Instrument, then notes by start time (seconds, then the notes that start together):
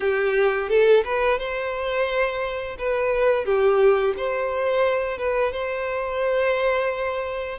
violin
0.00 G4
0.69 A4
1.04 B4
1.38 C5
2.78 B4
3.45 G4
4.17 C5
5.18 B4
5.52 C5